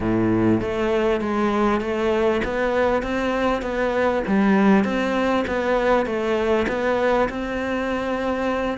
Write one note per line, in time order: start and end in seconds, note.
0.00 0.60 A2
0.60 1.20 A3
1.20 1.80 G#3
1.80 2.41 A3
2.44 3.02 B3
3.02 3.62 C4
3.62 4.22 B3
4.27 4.84 G3
4.84 5.44 C4
5.47 6.06 B3
6.06 6.66 A3
6.68 7.28 B3
7.29 8.77 C4